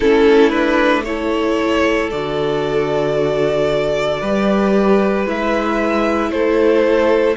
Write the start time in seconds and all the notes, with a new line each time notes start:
0.00 A3 C#4 E4 A4
0.49 D4 B4
1.04 E4 A4 C#5
2.10 D3 F#4 D5
4.20 G3 G4 B4
5.25 G#3 E4 E5
6.30 A3 A4 C5